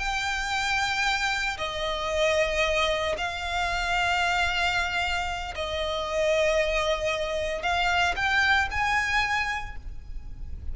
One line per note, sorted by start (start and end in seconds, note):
0.00 1.58 G5
1.58 3.16 D#5
3.18 5.55 F5
5.56 7.63 D#5
7.63 8.15 F5
8.17 8.69 G5
8.71 9.76 G#5